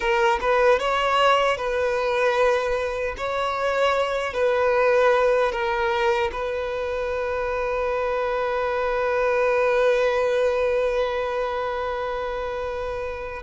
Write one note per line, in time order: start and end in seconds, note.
0.00 0.39 A#4
0.40 0.79 B4
0.79 1.57 C#5
1.57 3.15 B4
3.17 4.33 C#5
4.33 5.52 B4
5.52 6.31 A#4
6.32 13.42 B4